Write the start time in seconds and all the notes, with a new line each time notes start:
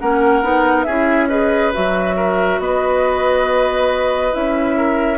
0.00 A#3 C#4 A#4 F#5
0.43 B3 D#4
0.84 C#4 E4 G#4 E5
1.29 G#4 B4 D#5
1.74 F#3 F#4 E5
2.17 A#4
2.60 B3 B4 D#5
4.33 C#4 E4 E5
4.77 A#4